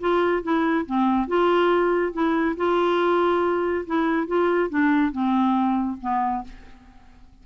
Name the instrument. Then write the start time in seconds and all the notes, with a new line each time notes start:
clarinet
0.00 F4
0.43 E4
0.86 C4
1.27 F4
2.13 E4
2.57 F4
3.86 E4
4.27 F4
4.69 D4
5.12 C4
6.01 B3